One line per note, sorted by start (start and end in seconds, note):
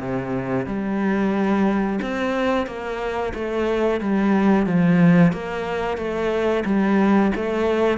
0.00 0.67 C3
0.67 2.00 G3
2.02 2.67 C4
2.67 3.34 A#3
3.35 4.01 A3
4.01 4.67 G3
4.67 5.33 F3
5.33 5.98 A#3
5.98 6.65 A3
6.66 7.32 G3
7.36 7.99 A3